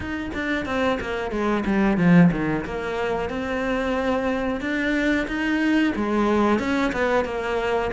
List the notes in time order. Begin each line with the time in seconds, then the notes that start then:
0.00 D#4
0.34 D4
0.65 C4
1.00 A#3
1.31 G#3
1.65 G3
1.97 F3
2.31 D#3
2.65 A#3
3.29 C4
4.60 D4
5.27 D#4
5.95 G#3
6.59 C#4
6.92 B3
7.25 A#3